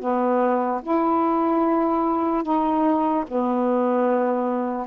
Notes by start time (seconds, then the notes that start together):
0.00 B3
0.82 E4
2.43 D#4
3.28 B3